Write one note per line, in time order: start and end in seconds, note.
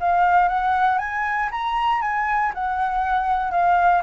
0.00 0.48 F5
0.48 0.98 F#5
0.98 1.49 G#5
1.51 2.02 A#5
2.02 2.52 G#5
2.54 3.51 F#5
3.51 4.02 F5